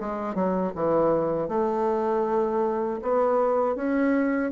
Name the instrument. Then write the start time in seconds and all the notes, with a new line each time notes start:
bassoon
0.00 G#3
0.35 F#3
0.75 E3
1.48 A3
3.02 B3
3.76 C#4